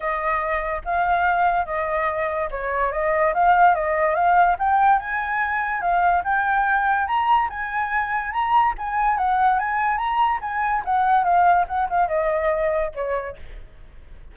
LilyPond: \new Staff \with { instrumentName = "flute" } { \time 4/4 \tempo 4 = 144 dis''2 f''2 | dis''2 cis''4 dis''4 | f''4 dis''4 f''4 g''4 | gis''2 f''4 g''4~ |
g''4 ais''4 gis''2 | ais''4 gis''4 fis''4 gis''4 | ais''4 gis''4 fis''4 f''4 | fis''8 f''8 dis''2 cis''4 | }